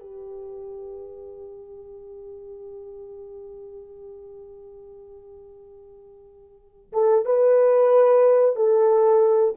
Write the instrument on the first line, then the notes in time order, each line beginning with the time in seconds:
horn
0.00 G4
6.93 A4
7.26 B4
8.56 A4